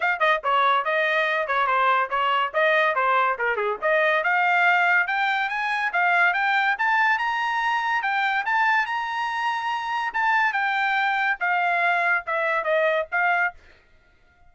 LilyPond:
\new Staff \with { instrumentName = "trumpet" } { \time 4/4 \tempo 4 = 142 f''8 dis''8 cis''4 dis''4. cis''8 | c''4 cis''4 dis''4 c''4 | ais'8 gis'8 dis''4 f''2 | g''4 gis''4 f''4 g''4 |
a''4 ais''2 g''4 | a''4 ais''2. | a''4 g''2 f''4~ | f''4 e''4 dis''4 f''4 | }